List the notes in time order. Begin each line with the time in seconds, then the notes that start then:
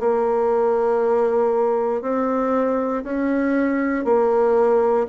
0.00 A#3
2.02 C4
3.04 C#4
4.05 A#3